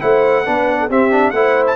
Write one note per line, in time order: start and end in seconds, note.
0.00 0.47 A3
0.00 0.44 E4
0.00 0.45 C5
0.00 0.90 F#5
0.45 0.89 B3
0.45 0.89 D4
0.45 0.79 B4
0.80 0.90 A4
0.89 1.32 C4
0.89 1.11 C4
0.89 1.34 G4
0.89 1.30 E5
1.11 1.33 D4
1.30 1.76 A3
1.30 1.76 E4
1.30 1.76 C5
1.30 1.64 F#5
1.67 1.76 A5